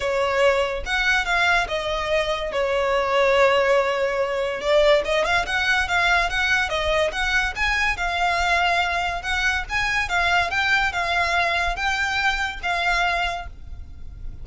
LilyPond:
\new Staff \with { instrumentName = "violin" } { \time 4/4 \tempo 4 = 143 cis''2 fis''4 f''4 | dis''2 cis''2~ | cis''2. d''4 | dis''8 f''8 fis''4 f''4 fis''4 |
dis''4 fis''4 gis''4 f''4~ | f''2 fis''4 gis''4 | f''4 g''4 f''2 | g''2 f''2 | }